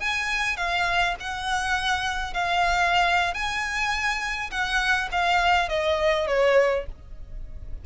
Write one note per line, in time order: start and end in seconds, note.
0.00 0.57 G#5
0.57 1.15 F5
1.20 2.34 F#5
2.34 3.34 F5
3.34 4.50 G#5
4.51 5.09 F#5
5.12 5.69 F5
5.69 6.27 D#5
6.27 6.86 C#5